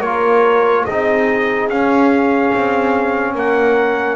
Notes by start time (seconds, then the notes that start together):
0.00 A#3 F4 A#4 C#5
0.85 C4 D#4 G#4 D#5
1.69 C#4 F5
2.55 C4
3.34 A#3 A#4 F#5